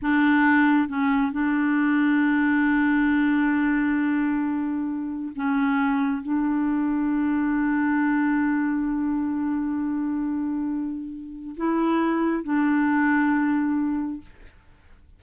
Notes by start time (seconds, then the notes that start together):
0.01 D4
0.88 C#4
1.32 D4
5.35 C#4
6.22 D4
11.57 E4
12.43 D4